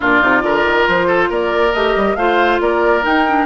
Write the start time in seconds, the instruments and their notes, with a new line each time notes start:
0.00 bassoon A#2, clarinet D4, oboe F4, flute D5
0.21 bassoon C3, clarinet D#4
0.40 bassoon D3, clarinet F4, oboe A#4
0.64 bassoon D#3
0.87 bassoon F3, flute C5
1.07 oboe A4
1.29 bassoon A#3, oboe A#4, flute D5
1.73 bassoon A3, clarinet G4, flute D#5
1.95 bassoon G3
2.15 bassoon A3, clarinet F4, oboe C5, flute F5
2.60 bassoon A#3, oboe A#4, flute D5
3.02 clarinet D#4, bassoon D#4, flute G5
3.28 clarinet D4